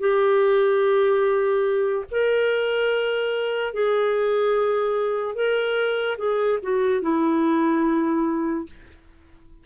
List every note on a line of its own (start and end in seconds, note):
0.00 2.05 G4
2.11 3.74 A#4
3.74 5.35 G#4
5.35 6.18 A#4
6.18 6.59 G#4
6.63 7.02 F#4
7.02 8.66 E4